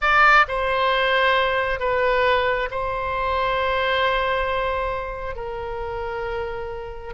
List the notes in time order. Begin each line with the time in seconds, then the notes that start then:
0.01 D5
0.48 C5
1.79 B4
2.71 C5
5.35 A#4